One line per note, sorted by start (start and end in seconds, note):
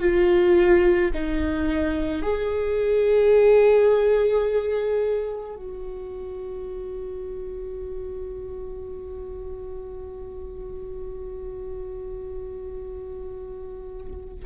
0.00 1.11 F4
1.14 2.22 D#4
2.22 5.56 G#4
5.56 14.44 F#4